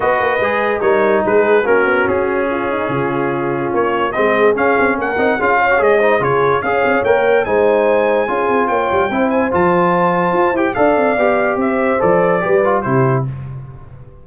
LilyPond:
<<
  \new Staff \with { instrumentName = "trumpet" } { \time 4/4 \tempo 4 = 145 dis''2 cis''4 b'4 | ais'4 gis'2.~ | gis'4 cis''4 dis''4 f''4 | fis''4 f''4 dis''4 cis''4 |
f''4 g''4 gis''2~ | gis''4 g''4. gis''8 a''4~ | a''4. g''8 f''2 | e''4 d''2 c''4 | }
  \new Staff \with { instrumentName = "horn" } { \time 4/4 b'2 ais'4 gis'4 | fis'2 f'8 dis'8 f'4~ | f'2 gis'2 | ais'4 gis'8 cis''4 c''8 gis'4 |
cis''2 c''2 | gis'4 cis''4 c''2~ | c''2 d''2 | c''2 b'4 g'4 | }
  \new Staff \with { instrumentName = "trombone" } { \time 4/4 fis'4 gis'4 dis'2 | cis'1~ | cis'2 c'4 cis'4~ | cis'8 dis'8 f'8. fis'16 gis'8 dis'8 f'4 |
gis'4 ais'4 dis'2 | f'2 e'4 f'4~ | f'4. g'8 a'4 g'4~ | g'4 a'4 g'8 f'8 e'4 | }
  \new Staff \with { instrumentName = "tuba" } { \time 4/4 b8 ais8 gis4 g4 gis4 | ais8 b8 cis'2 cis4~ | cis4 ais4 gis4 cis'8 c'8 | ais8 c'8 cis'4 gis4 cis4 |
cis'8 c'16 cis'16 ais4 gis2 | cis'8 c'8 ais8 g8 c'4 f4~ | f4 f'8 e'8 d'8 c'8 b4 | c'4 f4 g4 c4 | }
>>